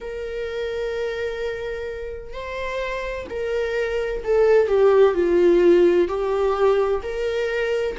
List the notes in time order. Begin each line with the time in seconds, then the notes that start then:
0.00 A#4
2.33 C5
3.29 A#4
4.23 A4
4.67 G4
5.14 F4
6.08 G4
7.02 A#4